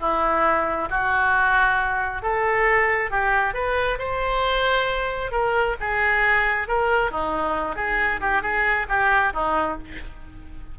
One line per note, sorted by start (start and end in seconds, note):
0.00 0.89 E4
0.89 2.22 F#4
2.22 3.11 A4
3.11 3.54 G4
3.54 3.98 B4
3.98 5.31 C5
5.31 5.76 A#4
5.80 6.67 G#4
6.67 7.11 A#4
7.11 7.75 D#4
7.75 8.20 G#4
8.21 8.42 G4
8.42 8.86 G#4
8.88 9.33 G4
9.33 9.78 D#4